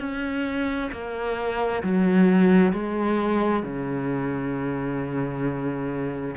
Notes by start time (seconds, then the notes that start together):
0.00 C#4
0.92 A#3
1.83 F#3
2.73 G#3
3.63 C#3